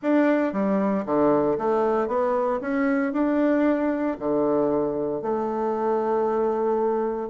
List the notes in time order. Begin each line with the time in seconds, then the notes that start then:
0.02 D4
0.52 G3
1.05 D3
1.57 A3
2.07 B3
2.61 C#4
3.13 D4
4.19 D3
5.22 A3